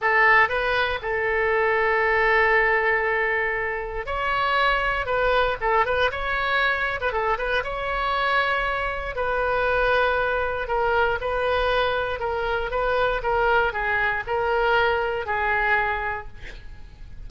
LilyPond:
\new Staff \with { instrumentName = "oboe" } { \time 4/4 \tempo 4 = 118 a'4 b'4 a'2~ | a'1 | cis''2 b'4 a'8 b'8 | cis''4.~ cis''16 b'16 a'8 b'8 cis''4~ |
cis''2 b'2~ | b'4 ais'4 b'2 | ais'4 b'4 ais'4 gis'4 | ais'2 gis'2 | }